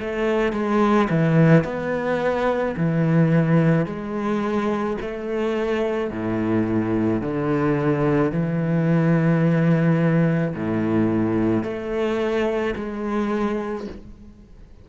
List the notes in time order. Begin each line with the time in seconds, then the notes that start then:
0.00 A3
0.53 G#3
1.10 E3
1.65 B3
2.77 E3
3.86 G#3
5.01 A3
6.11 A2
7.22 D3
8.32 E3
10.55 A2
11.64 A3
12.76 G#3